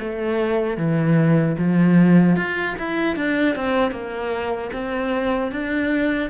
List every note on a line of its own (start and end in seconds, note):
0.00 0.78 A3
0.78 1.56 E3
1.59 2.36 F3
2.36 2.76 F4
2.79 3.17 E4
3.17 3.56 D4
3.56 3.92 C4
3.92 4.71 A#3
4.73 5.52 C4
5.52 6.31 D4